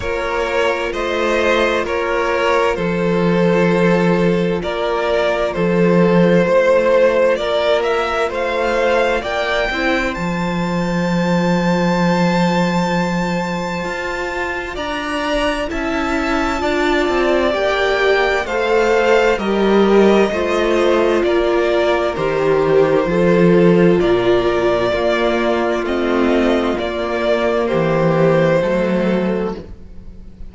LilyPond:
<<
  \new Staff \with { instrumentName = "violin" } { \time 4/4 \tempo 4 = 65 cis''4 dis''4 cis''4 c''4~ | c''4 d''4 c''2 | d''8 e''8 f''4 g''4 a''4~ | a''1 |
ais''4 a''2 g''4 | f''4 dis''2 d''4 | c''2 d''2 | dis''4 d''4 c''2 | }
  \new Staff \with { instrumentName = "violin" } { \time 4/4 ais'4 c''4 ais'4 a'4~ | a'4 ais'4 a'4 c''4 | ais'4 c''4 d''8 c''4.~ | c''1 |
d''4 e''4 d''2 | c''4 ais'4 c''4 ais'4~ | ais'4 a'4 ais'4 f'4~ | f'2 g'4 a'4 | }
  \new Staff \with { instrumentName = "viola" } { \time 4/4 f'1~ | f'1~ | f'2~ f'8 e'8 f'4~ | f'1~ |
f'4 e'4 f'4 g'4 | a'4 g'4 f'2 | g'4 f'2 ais4 | c'4 ais2 a4 | }
  \new Staff \with { instrumentName = "cello" } { \time 4/4 ais4 a4 ais4 f4~ | f4 ais4 f4 a4 | ais4 a4 ais8 c'8 f4~ | f2. f'4 |
d'4 cis'4 d'8 c'8 ais4 | a4 g4 a4 ais4 | dis4 f4 ais,4 ais4 | a4 ais4 e4 fis4 | }
>>